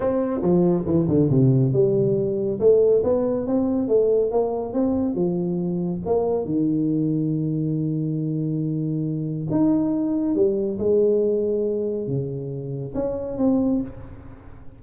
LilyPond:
\new Staff \with { instrumentName = "tuba" } { \time 4/4 \tempo 4 = 139 c'4 f4 e8 d8 c4 | g2 a4 b4 | c'4 a4 ais4 c'4 | f2 ais4 dis4~ |
dis1~ | dis2 dis'2 | g4 gis2. | cis2 cis'4 c'4 | }